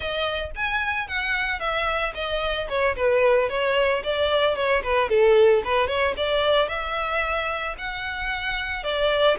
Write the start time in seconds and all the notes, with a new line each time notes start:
0.00 D#5
0.55 G#5
1.07 F#5
1.59 E5
2.14 D#5
2.68 C#5
2.96 B4
3.49 C#5
4.03 D5
4.55 C#5
4.83 B4
5.09 A4
5.64 B4
5.87 C#5
6.16 D5
6.68 E5
7.78 F#5
8.83 D5